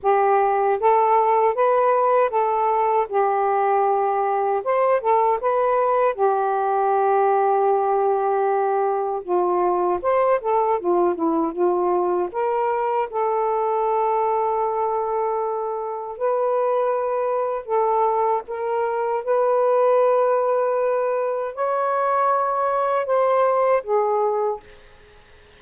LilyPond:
\new Staff \with { instrumentName = "saxophone" } { \time 4/4 \tempo 4 = 78 g'4 a'4 b'4 a'4 | g'2 c''8 a'8 b'4 | g'1 | f'4 c''8 a'8 f'8 e'8 f'4 |
ais'4 a'2.~ | a'4 b'2 a'4 | ais'4 b'2. | cis''2 c''4 gis'4 | }